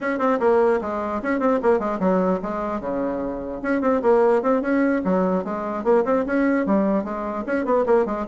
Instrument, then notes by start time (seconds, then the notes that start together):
bassoon
0.00 C#4
0.18 C4
0.39 A#3
0.81 G#3
1.22 C#4
1.39 C4
1.62 A#3
1.79 G#3
1.99 F#3
2.42 G#3
2.80 C#3
3.62 C#4
3.81 C4
4.02 A#3
4.42 C4
4.61 C#4
5.04 F#3
5.44 G#3
5.84 A#3
6.05 C4
6.26 C#4
6.66 G3
7.04 G#3
7.46 C#4
7.65 B3
7.86 A#3
8.05 G#3